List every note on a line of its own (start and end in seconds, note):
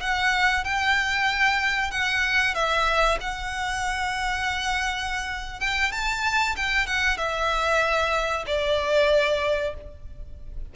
0.00 0.64 F#5
0.64 1.91 G5
1.91 2.54 F#5
2.54 3.18 E5
3.21 5.60 F#5
5.60 5.92 G5
5.92 6.55 A5
6.56 6.86 G5
6.86 7.17 F#5
7.17 8.45 E5
8.46 9.74 D5